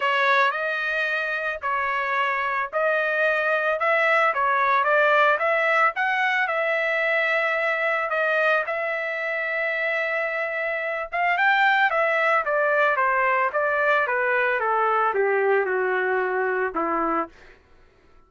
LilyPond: \new Staff \with { instrumentName = "trumpet" } { \time 4/4 \tempo 4 = 111 cis''4 dis''2 cis''4~ | cis''4 dis''2 e''4 | cis''4 d''4 e''4 fis''4 | e''2. dis''4 |
e''1~ | e''8 f''8 g''4 e''4 d''4 | c''4 d''4 b'4 a'4 | g'4 fis'2 e'4 | }